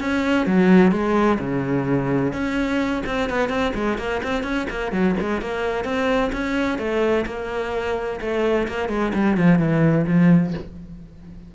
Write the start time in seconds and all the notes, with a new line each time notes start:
0.00 C#4
0.47 F#3
0.92 G#3
1.40 C#3
2.33 C#4
3.06 C4
3.30 B3
3.50 C4
3.75 G#3
3.98 A#3
4.23 C4
4.44 C#4
4.70 A#3
4.92 F#3
5.20 G#3
5.41 A#3
5.85 C4
6.33 C#4
6.79 A3
7.26 A#3
8.21 A3
8.68 A#3
8.89 G#3
9.14 G3
9.37 F3
9.59 E3
10.07 F3